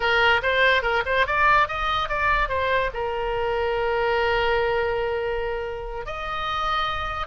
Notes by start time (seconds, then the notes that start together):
0.00 A#4
0.42 C5
0.82 A#4
1.05 C5
1.26 D5
1.67 D#5
2.08 D5
2.48 C5
2.93 A#4
6.05 D#5